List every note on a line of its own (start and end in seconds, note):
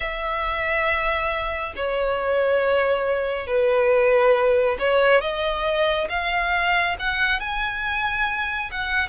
0.00 1.74 E5
1.75 3.46 C#5
3.46 4.77 B4
4.79 5.21 C#5
5.21 6.08 D#5
6.09 6.96 F5
6.99 7.40 F#5
7.40 8.70 G#5
8.71 9.09 F#5